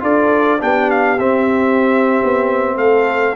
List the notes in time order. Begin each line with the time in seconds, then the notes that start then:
0.00 D4 F4 A4 D5
0.59 B3 D4 G4 G5
0.90 F5
1.19 C4 E5
2.23 B3
2.76 A3 A4 F5